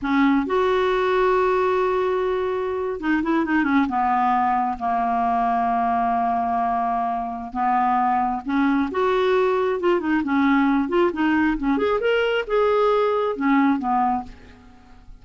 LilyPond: \new Staff \with { instrumentName = "clarinet" } { \time 4/4 \tempo 4 = 135 cis'4 fis'2.~ | fis'2~ fis'8. dis'8 e'8 dis'16~ | dis'16 cis'8 b2 ais4~ ais16~ | ais1~ |
ais4 b2 cis'4 | fis'2 f'8 dis'8 cis'4~ | cis'8 f'8 dis'4 cis'8 gis'8 ais'4 | gis'2 cis'4 b4 | }